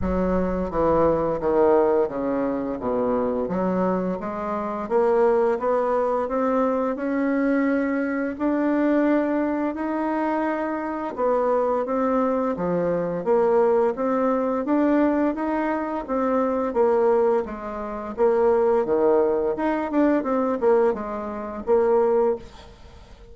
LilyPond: \new Staff \with { instrumentName = "bassoon" } { \time 4/4 \tempo 4 = 86 fis4 e4 dis4 cis4 | b,4 fis4 gis4 ais4 | b4 c'4 cis'2 | d'2 dis'2 |
b4 c'4 f4 ais4 | c'4 d'4 dis'4 c'4 | ais4 gis4 ais4 dis4 | dis'8 d'8 c'8 ais8 gis4 ais4 | }